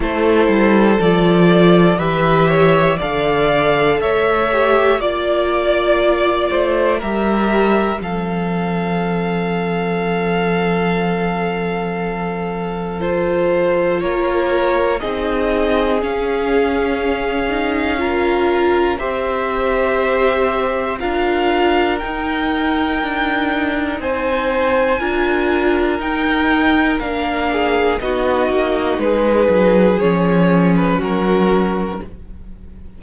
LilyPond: <<
  \new Staff \with { instrumentName = "violin" } { \time 4/4 \tempo 4 = 60 c''4 d''4 e''4 f''4 | e''4 d''2 e''4 | f''1~ | f''4 c''4 cis''4 dis''4 |
f''2. e''4~ | e''4 f''4 g''2 | gis''2 g''4 f''4 | dis''4 b'4 cis''8. b'16 ais'4 | }
  \new Staff \with { instrumentName = "violin" } { \time 4/4 a'2 b'8 cis''8 d''4 | cis''4 d''4. c''8 ais'4 | a'1~ | a'2 ais'4 gis'4~ |
gis'2 ais'4 c''4~ | c''4 ais'2. | c''4 ais'2~ ais'8 gis'8 | fis'4 gis'2 fis'4 | }
  \new Staff \with { instrumentName = "viola" } { \time 4/4 e'4 f'4 g'4 a'4~ | a'8 g'8 f'2 g'4 | c'1~ | c'4 f'2 dis'4 |
cis'4. dis'8 f'4 g'4~ | g'4 f'4 dis'2~ | dis'4 f'4 dis'4 d'4 | dis'2 cis'2 | }
  \new Staff \with { instrumentName = "cello" } { \time 4/4 a8 g8 f4 e4 d4 | a4 ais4. a8 g4 | f1~ | f2 ais4 c'4 |
cis'2. c'4~ | c'4 d'4 dis'4 d'4 | c'4 d'4 dis'4 ais4 | b8 ais8 gis8 fis8 f4 fis4 | }
>>